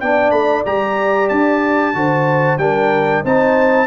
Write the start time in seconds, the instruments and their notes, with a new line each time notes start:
0.00 tuba B3, trombone D4, horn D5, trumpet G5
0.31 tuba A3, trumpet B5
0.66 tuba G3, trombone G4, trumpet A#5
1.29 tuba D4, trumpet A5
1.94 tuba D3, trombone F#4, horn C5
2.58 tuba G3, trombone D4, horn A#4, trumpet G5
3.24 tuba C4, trombone D#4, horn C5, trumpet A5